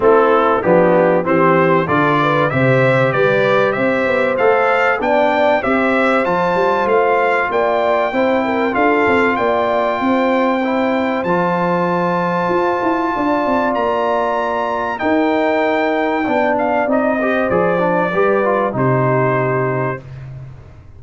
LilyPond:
<<
  \new Staff \with { instrumentName = "trumpet" } { \time 4/4 \tempo 4 = 96 a'4 g'4 c''4 d''4 | e''4 d''4 e''4 f''4 | g''4 e''4 a''4 f''4 | g''2 f''4 g''4~ |
g''2 a''2~ | a''2 ais''2 | g''2~ g''8 f''8 dis''4 | d''2 c''2 | }
  \new Staff \with { instrumentName = "horn" } { \time 4/4 e'4 d'4 g'4 a'8 b'8 | c''4 b'4 c''2 | d''4 c''2. | d''4 c''8 ais'8 a'4 d''4 |
c''1~ | c''4 d''2. | ais'2 d''4. c''8~ | c''4 b'4 g'2 | }
  \new Staff \with { instrumentName = "trombone" } { \time 4/4 c'4 b4 c'4 f'4 | g'2. a'4 | d'4 g'4 f'2~ | f'4 e'4 f'2~ |
f'4 e'4 f'2~ | f'1 | dis'2 d'4 dis'8 g'8 | gis'8 d'8 g'8 f'8 dis'2 | }
  \new Staff \with { instrumentName = "tuba" } { \time 4/4 a4 f4 e4 d4 | c4 g4 c'8 b8 a4 | b4 c'4 f8 g8 a4 | ais4 c'4 d'8 c'8 ais4 |
c'2 f2 | f'8 e'8 d'8 c'8 ais2 | dis'2 b4 c'4 | f4 g4 c2 | }
>>